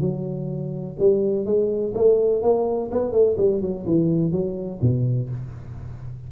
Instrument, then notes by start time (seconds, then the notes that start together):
tuba
0.00 F#3
0.99 G3
1.45 G#3
1.94 A3
2.42 A#3
2.91 B3
3.11 A3
3.37 G3
3.61 F#3
3.86 E3
4.31 F#3
4.81 B2